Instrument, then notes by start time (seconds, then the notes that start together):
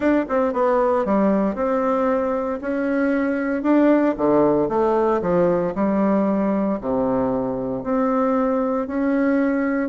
bassoon
0.00 D4
0.28 C4
0.53 B3
1.05 G3
1.55 C4
2.61 C#4
3.62 D4
4.17 D3
4.69 A3
5.21 F3
5.75 G3
6.80 C3
7.83 C4
8.87 C#4